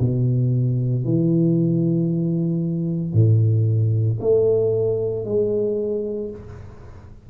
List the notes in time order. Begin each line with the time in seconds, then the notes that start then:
0.00 B2
1.04 E3
3.13 A2
4.20 A3
5.25 G#3